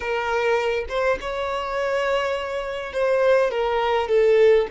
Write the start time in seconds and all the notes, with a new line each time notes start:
0.00 A#4
0.89 C5
1.21 C#5
2.93 C5
3.50 A#4
4.08 A4